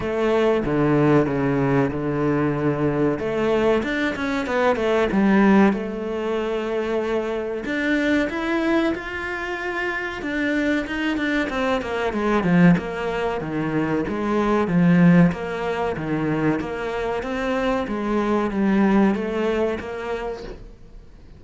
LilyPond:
\new Staff \with { instrumentName = "cello" } { \time 4/4 \tempo 4 = 94 a4 d4 cis4 d4~ | d4 a4 d'8 cis'8 b8 a8 | g4 a2. | d'4 e'4 f'2 |
d'4 dis'8 d'8 c'8 ais8 gis8 f8 | ais4 dis4 gis4 f4 | ais4 dis4 ais4 c'4 | gis4 g4 a4 ais4 | }